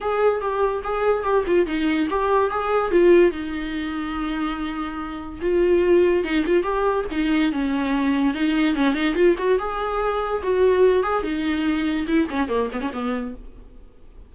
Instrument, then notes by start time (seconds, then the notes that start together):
viola
0.00 G#4
0.40 G4
0.83 G#4
1.23 G4
1.47 F4
1.66 D#4
2.10 G4
2.50 G#4
2.91 F4
3.31 D#4
5.41 F4
6.24 D#4
6.46 F4
6.63 G4
7.11 D#4
7.52 C#4
8.34 D#4
8.75 C#4
8.94 D#4
9.14 F4
9.37 F#4
9.59 G#4
10.42 F#4
11.03 G#4
11.23 D#4
12.07 E4
12.29 C#4
12.48 A#3
12.72 B3
12.80 C#4
12.92 B3